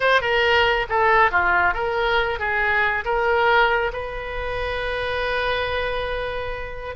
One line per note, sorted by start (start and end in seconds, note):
0.00 0.21 C5
0.21 0.86 A#4
0.89 1.31 A4
1.31 1.74 F4
1.74 2.39 A#4
2.39 3.04 G#4
3.04 3.91 A#4
3.92 6.95 B4